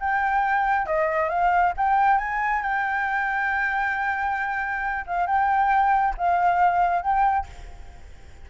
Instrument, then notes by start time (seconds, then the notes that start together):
flute
0.00 G5
0.86 D#5
1.29 F5
1.77 G5
2.18 G#5
2.62 G5
5.07 F5
5.27 G5
6.18 F5
7.02 G5